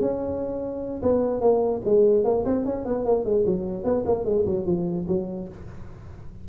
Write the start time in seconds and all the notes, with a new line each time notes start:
0.00 C#4
1.02 B3
1.40 A#3
1.84 G#3
2.24 A#3
2.45 C4
2.65 C#4
2.85 B3
3.05 A#3
3.25 G#3
3.46 F#3
3.83 B3
4.05 A#3
4.24 G#3
4.45 F#3
4.66 F3
5.07 F#3